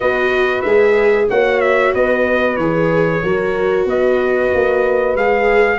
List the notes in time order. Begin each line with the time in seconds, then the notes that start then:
0.00 B3 F#4 B4 D#5
0.61 G#3 G#4 E5
1.29 A#3 F#4 C#5 F#5
1.60 E5
1.94 B3 B4 D#5
2.56 E3 G#4 C#5
3.23 F#3 F#4 A#4
3.85 B3 B4 D#5
4.54 A#3
5.15 G#3 G#4 F5